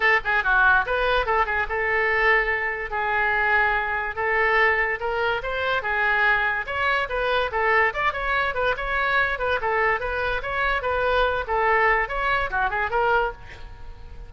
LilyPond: \new Staff \with { instrumentName = "oboe" } { \time 4/4 \tempo 4 = 144 a'8 gis'8 fis'4 b'4 a'8 gis'8 | a'2. gis'4~ | gis'2 a'2 | ais'4 c''4 gis'2 |
cis''4 b'4 a'4 d''8 cis''8~ | cis''8 b'8 cis''4. b'8 a'4 | b'4 cis''4 b'4. a'8~ | a'4 cis''4 fis'8 gis'8 ais'4 | }